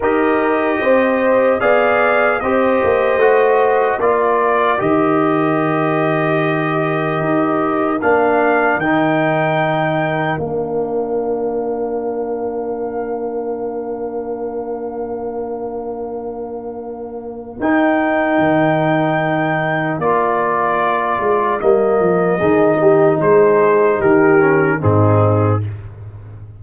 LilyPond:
<<
  \new Staff \with { instrumentName = "trumpet" } { \time 4/4 \tempo 4 = 75 dis''2 f''4 dis''4~ | dis''4 d''4 dis''2~ | dis''2 f''4 g''4~ | g''4 f''2.~ |
f''1~ | f''2 g''2~ | g''4 d''2 dis''4~ | dis''4 c''4 ais'4 gis'4 | }
  \new Staff \with { instrumentName = "horn" } { \time 4/4 ais'4 c''4 d''4 c''4~ | c''4 ais'2.~ | ais'1~ | ais'1~ |
ais'1~ | ais'1~ | ais'1 | gis'8 g'8 gis'4 g'4 dis'4 | }
  \new Staff \with { instrumentName = "trombone" } { \time 4/4 g'2 gis'4 g'4 | fis'4 f'4 g'2~ | g'2 d'4 dis'4~ | dis'4 d'2.~ |
d'1~ | d'2 dis'2~ | dis'4 f'2 ais4 | dis'2~ dis'8 cis'8 c'4 | }
  \new Staff \with { instrumentName = "tuba" } { \time 4/4 dis'4 c'4 b4 c'8 ais8 | a4 ais4 dis2~ | dis4 dis'4 ais4 dis4~ | dis4 ais2.~ |
ais1~ | ais2 dis'4 dis4~ | dis4 ais4. gis8 g8 f8 | dis4 gis4 dis4 gis,4 | }
>>